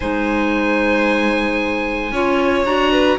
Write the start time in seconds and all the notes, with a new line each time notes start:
0.00 G#3 D#4 C5 G#5
2.11 C#4 F4 C#5
2.64 D4 F#4 A#5
2.91 B4